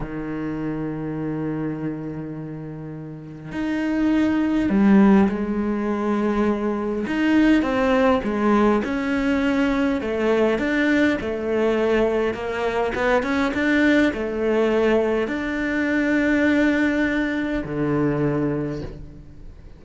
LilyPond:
\new Staff \with { instrumentName = "cello" } { \time 4/4 \tempo 4 = 102 dis1~ | dis2 dis'2 | g4 gis2. | dis'4 c'4 gis4 cis'4~ |
cis'4 a4 d'4 a4~ | a4 ais4 b8 cis'8 d'4 | a2 d'2~ | d'2 d2 | }